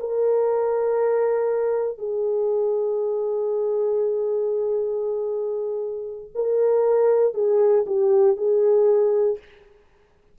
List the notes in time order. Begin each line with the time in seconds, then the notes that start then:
0.00 A#4
1.98 G#4
6.35 A#4
7.35 G#4
7.87 G4
8.37 G#4